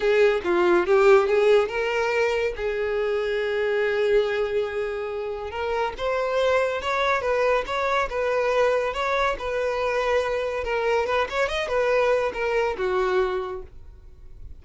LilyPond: \new Staff \with { instrumentName = "violin" } { \time 4/4 \tempo 4 = 141 gis'4 f'4 g'4 gis'4 | ais'2 gis'2~ | gis'1~ | gis'4 ais'4 c''2 |
cis''4 b'4 cis''4 b'4~ | b'4 cis''4 b'2~ | b'4 ais'4 b'8 cis''8 dis''8 b'8~ | b'4 ais'4 fis'2 | }